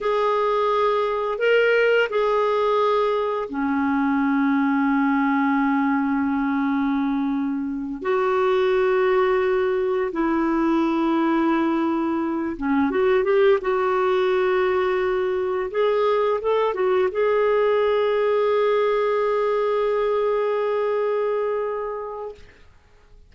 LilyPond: \new Staff \with { instrumentName = "clarinet" } { \time 4/4 \tempo 4 = 86 gis'2 ais'4 gis'4~ | gis'4 cis'2.~ | cis'2.~ cis'8 fis'8~ | fis'2~ fis'8 e'4.~ |
e'2 cis'8 fis'8 g'8 fis'8~ | fis'2~ fis'8 gis'4 a'8 | fis'8 gis'2.~ gis'8~ | gis'1 | }